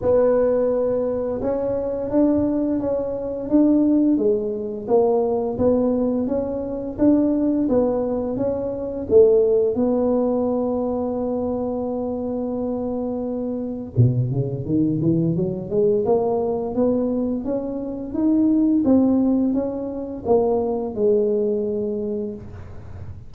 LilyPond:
\new Staff \with { instrumentName = "tuba" } { \time 4/4 \tempo 4 = 86 b2 cis'4 d'4 | cis'4 d'4 gis4 ais4 | b4 cis'4 d'4 b4 | cis'4 a4 b2~ |
b1 | b,8 cis8 dis8 e8 fis8 gis8 ais4 | b4 cis'4 dis'4 c'4 | cis'4 ais4 gis2 | }